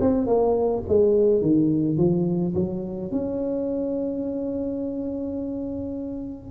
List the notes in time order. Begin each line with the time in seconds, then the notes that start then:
0.00 C4
0.26 A#3
0.88 G#3
1.41 D#3
1.97 F3
2.54 F#3
3.11 C#4